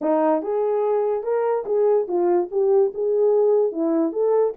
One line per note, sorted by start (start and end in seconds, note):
0.01 0.42 D#4
0.42 1.23 G#4
1.23 1.64 A#4
1.65 2.07 G#4
2.07 2.49 F4
2.51 2.92 G4
2.94 3.71 G#4
3.71 4.12 E4
4.12 4.53 A4